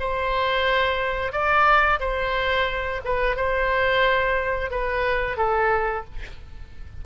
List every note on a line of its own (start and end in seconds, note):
0.00 1.32 C5
1.32 2.00 D5
2.00 3.01 C5
3.05 3.36 B4
3.36 4.71 C5
4.71 5.37 B4
5.37 6.05 A4